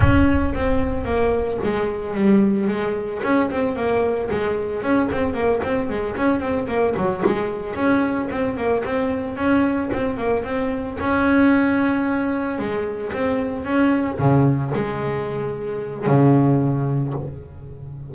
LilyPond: \new Staff \with { instrumentName = "double bass" } { \time 4/4 \tempo 4 = 112 cis'4 c'4 ais4 gis4 | g4 gis4 cis'8 c'8 ais4 | gis4 cis'8 c'8 ais8 c'8 gis8 cis'8 | c'8 ais8 fis8 gis4 cis'4 c'8 |
ais8 c'4 cis'4 c'8 ais8 c'8~ | c'8 cis'2. gis8~ | gis8 c'4 cis'4 cis4 gis8~ | gis2 cis2 | }